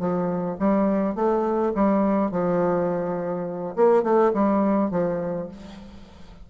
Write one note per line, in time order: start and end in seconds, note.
0.00 0.58 F3
0.60 1.16 G3
1.16 1.73 A3
1.75 2.32 G3
2.32 3.76 F3
3.76 4.03 A#3
4.03 4.32 A3
4.34 4.91 G3
4.91 5.49 F3